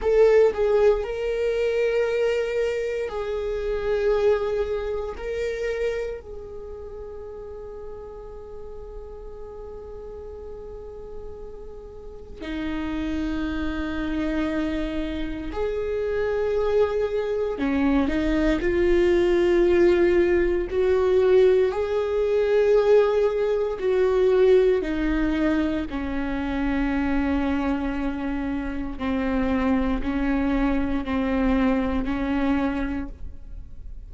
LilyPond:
\new Staff \with { instrumentName = "viola" } { \time 4/4 \tempo 4 = 58 a'8 gis'8 ais'2 gis'4~ | gis'4 ais'4 gis'2~ | gis'1 | dis'2. gis'4~ |
gis'4 cis'8 dis'8 f'2 | fis'4 gis'2 fis'4 | dis'4 cis'2. | c'4 cis'4 c'4 cis'4 | }